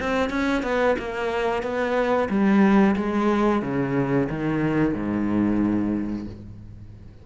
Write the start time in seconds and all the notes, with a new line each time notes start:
0.00 C4
0.30 C#4
0.63 B3
0.99 A#3
1.63 B3
2.30 G3
2.96 G#3
3.62 C#3
4.29 D#3
4.95 G#2